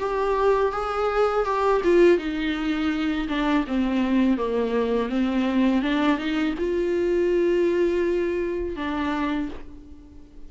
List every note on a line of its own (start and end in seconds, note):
0.00 0.73 G4
0.73 1.45 G#4
1.45 1.82 G4
1.84 2.19 F4
2.19 3.28 D#4
3.29 3.65 D4
3.68 4.38 C4
4.38 5.10 A#3
5.10 5.82 C4
5.82 6.18 D4
6.18 6.55 D#4
6.59 8.76 F4
8.76 9.50 D4